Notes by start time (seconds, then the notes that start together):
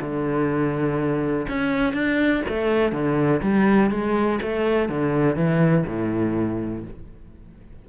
0.00 D3
1.48 C#4
1.93 D4
2.48 A3
2.92 D3
3.42 G3
3.90 G#3
4.42 A3
4.89 D3
5.35 E3
5.86 A2